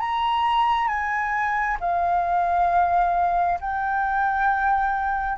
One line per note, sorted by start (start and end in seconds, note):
0.00 0.88 A#5
0.88 1.77 G#5
1.80 3.59 F5
3.60 5.38 G5